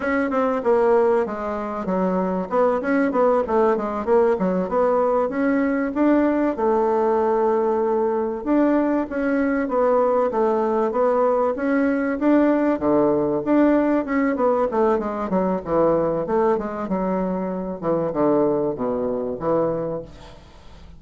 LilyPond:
\new Staff \with { instrumentName = "bassoon" } { \time 4/4 \tempo 4 = 96 cis'8 c'8 ais4 gis4 fis4 | b8 cis'8 b8 a8 gis8 ais8 fis8 b8~ | b8 cis'4 d'4 a4.~ | a4. d'4 cis'4 b8~ |
b8 a4 b4 cis'4 d'8~ | d'8 d4 d'4 cis'8 b8 a8 | gis8 fis8 e4 a8 gis8 fis4~ | fis8 e8 d4 b,4 e4 | }